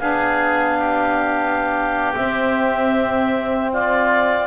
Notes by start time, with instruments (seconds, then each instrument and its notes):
0.00 double bass B3, saxophone D4, oboe G#4, clarinet F5
0.80 oboe G4
2.15 saxophone C4, double bass C4, clarinet E5
3.73 oboe F4, clarinet D5